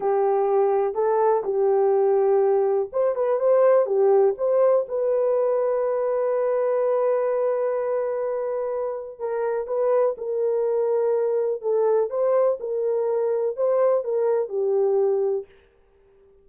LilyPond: \new Staff \with { instrumentName = "horn" } { \time 4/4 \tempo 4 = 124 g'2 a'4 g'4~ | g'2 c''8 b'8 c''4 | g'4 c''4 b'2~ | b'1~ |
b'2. ais'4 | b'4 ais'2. | a'4 c''4 ais'2 | c''4 ais'4 g'2 | }